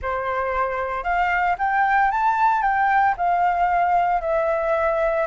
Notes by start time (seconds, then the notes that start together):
0.01 C5
1.03 F5
1.58 G5
2.11 A5
2.62 G5
3.17 F5
4.21 E5